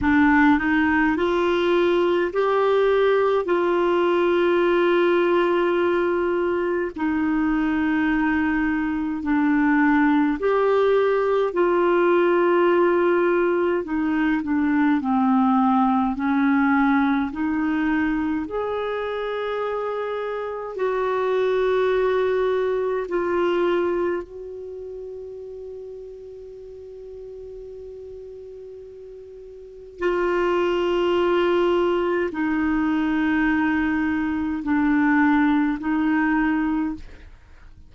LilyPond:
\new Staff \with { instrumentName = "clarinet" } { \time 4/4 \tempo 4 = 52 d'8 dis'8 f'4 g'4 f'4~ | f'2 dis'2 | d'4 g'4 f'2 | dis'8 d'8 c'4 cis'4 dis'4 |
gis'2 fis'2 | f'4 fis'2.~ | fis'2 f'2 | dis'2 d'4 dis'4 | }